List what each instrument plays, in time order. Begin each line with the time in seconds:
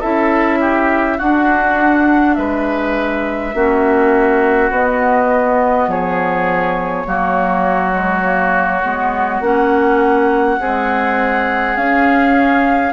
0.00 bassoon C#4, clarinet E4, oboe A4, flute E5
0.61 oboe G4
1.18 bassoon D4, clarinet D4, oboe F#4, flute F#5
2.35 bassoon G#3, oboe B4, flute E5
3.54 bassoon A#3, clarinet C#4, oboe F#4
4.70 bassoon B3, clarinet B3, flute D#5
5.87 bassoon F3, oboe G#4, flute C#5
7.06 bassoon F#3, clarinet A#3, oboe F#4
7.91 clarinet G#3
8.23 clarinet A#3
8.84 bassoon G#3, clarinet B3
9.40 bassoon A#3, clarinet C#4, flute F#5
10.59 clarinet G#3, bassoon C4, oboe G#4
11.76 bassoon C#4, clarinet C#4, flute F5